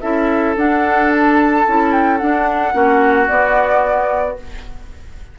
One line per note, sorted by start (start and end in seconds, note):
0.00 0.56 C#4
0.00 0.56 E4
0.00 2.74 A4
0.00 0.55 E5
0.56 1.65 D4
0.56 1.66 D4
0.56 1.12 F#5
1.12 1.92 A5
1.67 2.22 C#4
1.67 2.19 E4
1.92 2.17 G5
2.17 2.72 D4
2.17 2.73 D4
2.17 3.27 F#5
2.72 3.28 A#3
2.72 3.27 C#4
2.72 4.37 F#4
3.28 4.37 B3
3.28 4.39 B3
3.28 4.37 D5